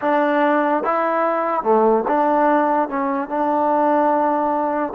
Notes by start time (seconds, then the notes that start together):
0.01 D4
0.83 E4
1.63 A3
2.07 D4
2.88 C#4
3.28 D4